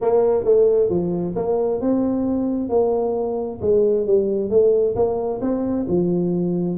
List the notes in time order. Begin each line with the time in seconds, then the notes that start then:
0.01 A#3
0.44 A3
0.89 F3
1.35 A#3
1.80 C4
2.69 A#3
3.61 G#3
4.06 G3
4.50 A3
4.95 A#3
5.41 C4
5.87 F3